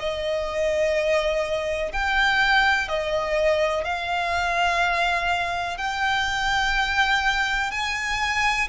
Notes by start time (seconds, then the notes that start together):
0.00 D#5
1.93 G5
2.89 D#5
3.85 F5
5.78 G5
7.72 G#5